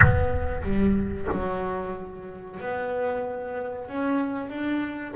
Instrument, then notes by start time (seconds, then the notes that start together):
double bass
0.00 B3
0.62 G3
1.31 F#3
2.60 B3
3.88 C#4
4.49 D4